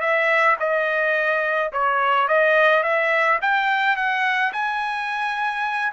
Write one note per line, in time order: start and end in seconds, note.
0.00 0.56 E5
0.59 1.72 D#5
1.72 2.28 C#5
2.28 2.83 D#5
2.83 3.39 E5
3.41 3.96 G5
3.96 4.52 F#5
4.53 5.92 G#5